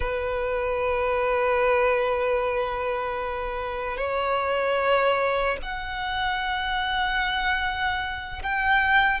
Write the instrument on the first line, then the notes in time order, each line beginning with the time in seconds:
violin
0.00 B4
3.97 C#5
5.62 F#5
8.43 G5